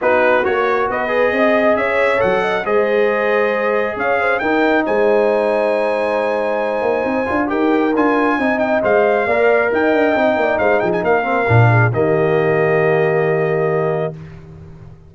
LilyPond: <<
  \new Staff \with { instrumentName = "trumpet" } { \time 4/4 \tempo 4 = 136 b'4 cis''4 dis''2 | e''4 fis''4 dis''2~ | dis''4 f''4 g''4 gis''4~ | gis''1~ |
gis''4 g''4 gis''4. g''8 | f''2 g''2 | f''8 g''16 gis''16 f''2 dis''4~ | dis''1 | }
  \new Staff \with { instrumentName = "horn" } { \time 4/4 fis'2 b'4 dis''4 | cis''4. dis''8 c''2~ | c''4 cis''8 c''8 ais'4 c''4~ | c''1~ |
c''4 ais'2 dis''4~ | dis''4 d''4 dis''4. d''8 | c''8 gis'8 ais'4. gis'8 g'4~ | g'1 | }
  \new Staff \with { instrumentName = "trombone" } { \time 4/4 dis'4 fis'4. gis'4.~ | gis'4 a'4 gis'2~ | gis'2 dis'2~ | dis'1~ |
dis'8 f'8 g'4 f'4 dis'4 | c''4 ais'2 dis'4~ | dis'4. c'8 d'4 ais4~ | ais1 | }
  \new Staff \with { instrumentName = "tuba" } { \time 4/4 b4 ais4 b4 c'4 | cis'4 fis4 gis2~ | gis4 cis'4 dis'4 gis4~ | gis2.~ gis8 ais8 |
c'8 d'8 dis'4 d'4 c'4 | gis4 ais4 dis'8 d'8 c'8 ais8 | gis8 f8 ais4 ais,4 dis4~ | dis1 | }
>>